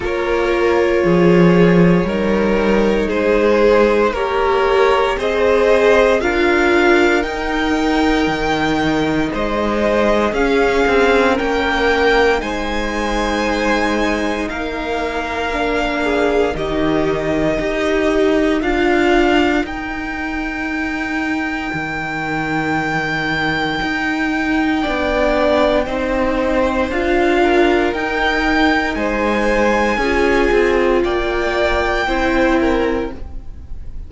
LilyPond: <<
  \new Staff \with { instrumentName = "violin" } { \time 4/4 \tempo 4 = 58 cis''2. c''4 | ais'4 dis''4 f''4 g''4~ | g''4 dis''4 f''4 g''4 | gis''2 f''2 |
dis''2 f''4 g''4~ | g''1~ | g''2 f''4 g''4 | gis''2 g''2 | }
  \new Staff \with { instrumentName = "violin" } { \time 4/4 ais'4 gis'4 ais'4 gis'4 | cis''4 c''4 ais'2~ | ais'4 c''4 gis'4 ais'4 | c''2 ais'4. gis'8 |
g'4 ais'2.~ | ais'1 | d''4 c''4. ais'4. | c''4 gis'4 d''4 c''8 ais'8 | }
  \new Staff \with { instrumentName = "viola" } { \time 4/4 f'2 dis'2 | g'4 gis'4 f'4 dis'4~ | dis'2 cis'2 | dis'2. d'4 |
dis'4 g'4 f'4 dis'4~ | dis'1 | d'4 dis'4 f'4 dis'4~ | dis'4 f'2 e'4 | }
  \new Staff \with { instrumentName = "cello" } { \time 4/4 ais4 f4 g4 gis4 | ais4 c'4 d'4 dis'4 | dis4 gis4 cis'8 c'8 ais4 | gis2 ais2 |
dis4 dis'4 d'4 dis'4~ | dis'4 dis2 dis'4 | b4 c'4 d'4 dis'4 | gis4 cis'8 c'8 ais4 c'4 | }
>>